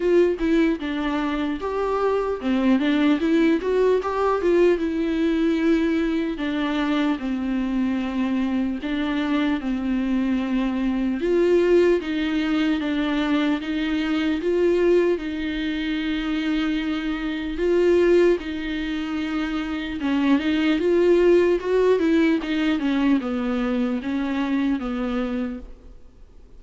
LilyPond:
\new Staff \with { instrumentName = "viola" } { \time 4/4 \tempo 4 = 75 f'8 e'8 d'4 g'4 c'8 d'8 | e'8 fis'8 g'8 f'8 e'2 | d'4 c'2 d'4 | c'2 f'4 dis'4 |
d'4 dis'4 f'4 dis'4~ | dis'2 f'4 dis'4~ | dis'4 cis'8 dis'8 f'4 fis'8 e'8 | dis'8 cis'8 b4 cis'4 b4 | }